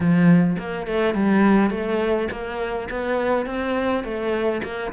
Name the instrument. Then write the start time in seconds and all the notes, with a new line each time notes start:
cello
0.00 F3
0.58 A#3
0.87 A3
1.14 G3
1.70 A3
2.31 A#3
2.90 B3
3.46 C4
4.04 A3
4.63 A#3